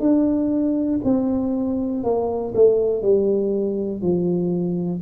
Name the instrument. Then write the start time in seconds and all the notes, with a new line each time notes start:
tuba
0.00 D4
1.04 C4
2.03 A#3
2.55 A3
3.02 G3
4.01 F3